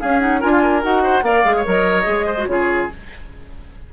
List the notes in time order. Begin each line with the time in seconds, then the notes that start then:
0.00 C#4 G#4 F5
0.20 D#4 F#5
0.41 D4 F4 A#4 G#5
0.52 F4
0.62 A#4
0.82 D#4 F#4 F#5
1.03 C5
1.22 A#3 A#4 D5 F5
1.45 G#3 G#4
1.56 C#5
1.65 F#3 A#4 D#5
2.04 G#3 G#4
2.27 C5
2.38 F#4
2.47 C#3 F4 G#4 C#5